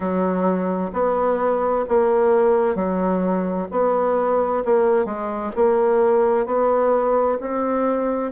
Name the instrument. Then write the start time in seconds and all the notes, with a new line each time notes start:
bassoon
0.00 F#3
0.92 B3
1.88 A#3
2.75 F#3
3.71 B3
4.64 A#3
5.05 G#3
5.56 A#3
6.46 B3
7.40 C4